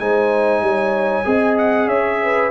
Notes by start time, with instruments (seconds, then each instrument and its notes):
0.00 tuba G#3, trombone D#4, horn C5, trumpet G#5
0.61 tuba G3, horn C#5
1.25 tuba C4, trombone G#4, horn D#5
1.58 trumpet F#5
1.88 tuba C#4, horn C#5, trumpet E5
2.23 horn B4